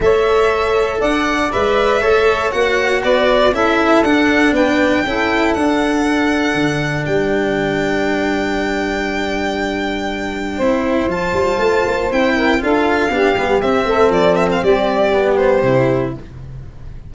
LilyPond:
<<
  \new Staff \with { instrumentName = "violin" } { \time 4/4 \tempo 4 = 119 e''2 fis''4 e''4~ | e''4 fis''4 d''4 e''4 | fis''4 g''2 fis''4~ | fis''2 g''2~ |
g''1~ | g''2 a''2 | g''4 f''2 e''4 | d''8 e''16 f''16 d''4. c''4. | }
  \new Staff \with { instrumentName = "saxophone" } { \time 4/4 cis''2 d''2 | cis''2 b'4 a'4~ | a'4 b'4 a'2~ | a'2 b'2~ |
b'1~ | b'4 c''2.~ | c''8 ais'8 a'4 g'4. a'8~ | a'4 g'2. | }
  \new Staff \with { instrumentName = "cello" } { \time 4/4 a'2. b'4 | a'4 fis'2 e'4 | d'2 e'4 d'4~ | d'1~ |
d'1~ | d'4 e'4 f'2 | e'4 f'4 d'8 b8 c'4~ | c'2 b4 e'4 | }
  \new Staff \with { instrumentName = "tuba" } { \time 4/4 a2 d'4 gis4 | a4 ais4 b4 cis'4 | d'4 b4 cis'4 d'4~ | d'4 d4 g2~ |
g1~ | g4 c'4 f8 g8 a8 ais8 | c'4 d'4 b8 g8 c'8 a8 | f4 g2 c4 | }
>>